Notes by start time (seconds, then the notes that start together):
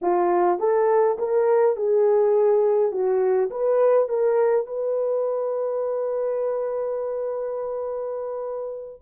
0.01 F4
0.59 A4
1.18 A#4
1.76 G#4
2.91 F#4
3.50 B4
4.08 A#4
4.66 B4